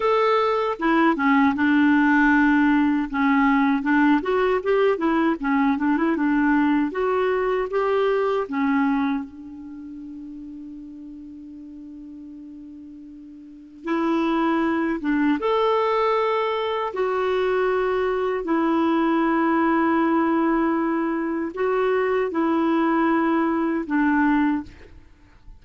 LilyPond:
\new Staff \with { instrumentName = "clarinet" } { \time 4/4 \tempo 4 = 78 a'4 e'8 cis'8 d'2 | cis'4 d'8 fis'8 g'8 e'8 cis'8 d'16 e'16 | d'4 fis'4 g'4 cis'4 | d'1~ |
d'2 e'4. d'8 | a'2 fis'2 | e'1 | fis'4 e'2 d'4 | }